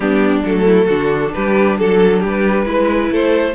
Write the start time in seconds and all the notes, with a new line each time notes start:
0.00 G3 B3 D4 G4
0.44 F#3 A3 A4
0.64 E4
0.85 D3 D4 F#4
1.33 G3 G4 B4
1.78 F#3 A4
2.19 G3 G4
2.26 B4
2.65 G#3 E4 B4
3.10 A3 A4 C5